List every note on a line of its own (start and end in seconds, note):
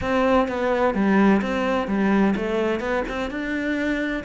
0.01 0.48 C4
0.48 0.94 B3
0.94 1.41 G3
1.41 1.87 C4
1.87 2.34 G3
2.36 2.80 A3
2.80 3.03 B3
3.08 3.30 C4
3.30 4.24 D4